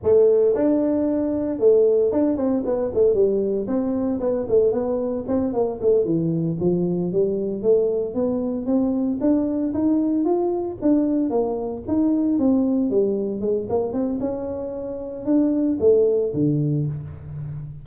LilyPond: \new Staff \with { instrumentName = "tuba" } { \time 4/4 \tempo 4 = 114 a4 d'2 a4 | d'8 c'8 b8 a8 g4 c'4 | b8 a8 b4 c'8 ais8 a8 e8~ | e8 f4 g4 a4 b8~ |
b8 c'4 d'4 dis'4 f'8~ | f'8 d'4 ais4 dis'4 c'8~ | c'8 g4 gis8 ais8 c'8 cis'4~ | cis'4 d'4 a4 d4 | }